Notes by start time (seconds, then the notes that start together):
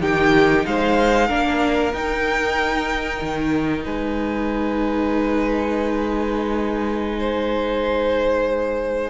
0.00 D#3 D#4 G4 G5
0.65 G#3 C5 F5
1.27 A#3 D4 A#4
1.93 D#4 G5
3.21 D#3
3.83 G#3 B4 G#5
7.19 C5